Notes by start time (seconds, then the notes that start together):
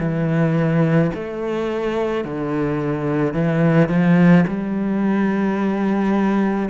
0.00 E3
1.15 A3
2.25 D3
3.34 E3
3.89 F3
4.47 G3